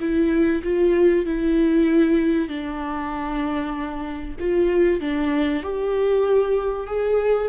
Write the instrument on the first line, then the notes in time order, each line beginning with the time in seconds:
viola
0.00 E4
0.63 F4
1.26 E4
2.49 D4
4.40 F4
5.01 D4
5.63 G4
6.87 G#4